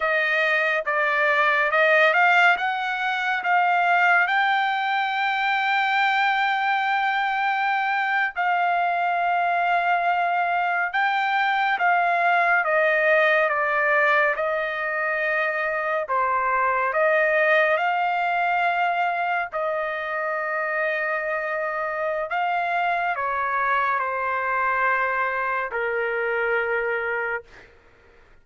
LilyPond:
\new Staff \with { instrumentName = "trumpet" } { \time 4/4 \tempo 4 = 70 dis''4 d''4 dis''8 f''8 fis''4 | f''4 g''2.~ | g''4.~ g''16 f''2~ f''16~ | f''8. g''4 f''4 dis''4 d''16~ |
d''8. dis''2 c''4 dis''16~ | dis''8. f''2 dis''4~ dis''16~ | dis''2 f''4 cis''4 | c''2 ais'2 | }